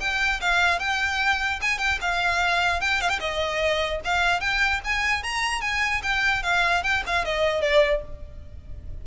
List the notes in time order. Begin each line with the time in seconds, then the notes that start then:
0.00 G5
0.41 F5
0.79 G5
1.61 G#5
1.78 G5
2.01 F5
2.81 G5
3.01 F5
3.09 G5
3.20 D#5
4.04 F5
4.40 G5
4.84 G#5
5.23 A#5
5.61 G#5
6.03 G5
6.43 F5
6.83 G5
7.06 F5
7.24 D#5
7.61 D5